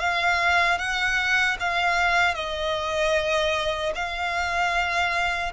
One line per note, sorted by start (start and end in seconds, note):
0.00 0.79 F5
0.79 1.58 F#5
1.60 2.35 F5
2.35 3.93 D#5
3.95 5.53 F5